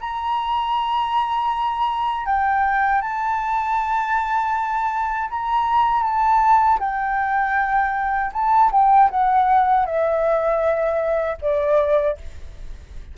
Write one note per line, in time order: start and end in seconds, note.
0.00 2.26 A#5
2.26 3.01 G5
3.01 5.29 A5
5.30 6.03 A#5
6.03 6.79 A5
6.79 8.31 G5
8.33 8.71 A5
8.71 9.09 G5
9.10 9.85 F#5
9.85 11.37 E5
11.41 12.17 D5